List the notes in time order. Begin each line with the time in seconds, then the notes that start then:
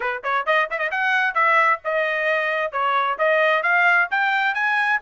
0.00 B4
0.23 C#5
0.46 D#5
0.70 E5
0.78 D#5
0.91 F#5
1.34 E5
1.84 D#5
2.72 C#5
3.18 D#5
3.62 F5
4.10 G5
4.54 G#5